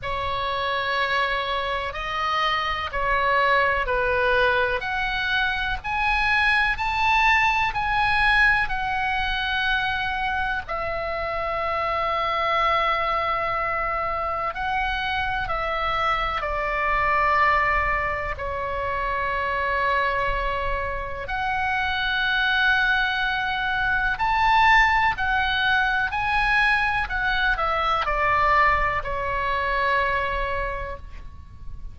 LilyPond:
\new Staff \with { instrumentName = "oboe" } { \time 4/4 \tempo 4 = 62 cis''2 dis''4 cis''4 | b'4 fis''4 gis''4 a''4 | gis''4 fis''2 e''4~ | e''2. fis''4 |
e''4 d''2 cis''4~ | cis''2 fis''2~ | fis''4 a''4 fis''4 gis''4 | fis''8 e''8 d''4 cis''2 | }